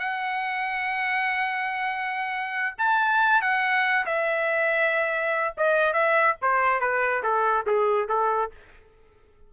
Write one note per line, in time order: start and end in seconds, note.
0.00 2.77 F#5
2.79 3.42 A5
3.42 4.06 F#5
4.06 5.55 E5
5.58 5.94 D#5
5.94 6.36 E5
6.42 6.81 C5
6.81 7.23 B4
7.24 7.66 A4
7.67 8.09 G#4
8.09 8.51 A4